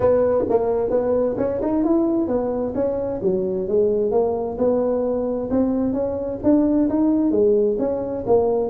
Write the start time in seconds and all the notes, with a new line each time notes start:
0.00 B3
0.49 A#3
0.90 B3
1.37 C#4
1.61 D#4
1.83 E4
2.27 B3
2.74 C#4
3.22 F#3
3.67 G#3
4.11 A#3
4.58 B3
5.50 C4
5.93 C#4
6.43 D4
6.89 D#4
7.31 G#3
7.78 C#4
8.26 A#3